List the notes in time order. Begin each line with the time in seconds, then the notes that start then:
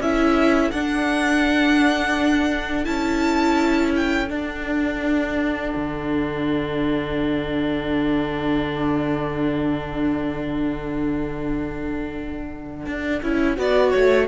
0.00 C#4 E4 A4 E5
0.71 D4 F#5
2.85 C#4 E4 A5
3.97 G5
4.28 D4 F#5
5.76 D3
12.86 D4
13.23 C#4 E4
13.57 B3 F#4 D5
13.91 A3 C#5